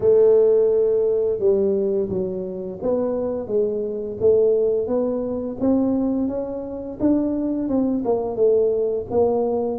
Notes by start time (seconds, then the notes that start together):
0.00 A3
1.39 G3
2.09 F#3
2.82 B3
3.47 G#3
4.20 A3
4.87 B3
5.59 C4
6.28 C#4
7.00 D4
7.68 C4
8.04 A#3
8.36 A3
9.10 A#3